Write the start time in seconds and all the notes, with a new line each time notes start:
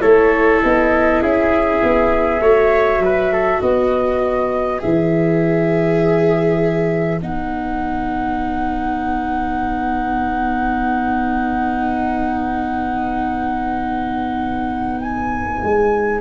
0.00 A3 E4 A4 C#5
0.62 B3 D#5
1.22 C#4 G#4 E5
1.83 B3
2.40 A3 F#4 C#5
2.99 F#3 B4
3.33 A4
3.60 B3 B4 D#5
4.79 E3 G#4 E5
7.21 B3 D#4 F#5
15.01 G#5
15.63 G#3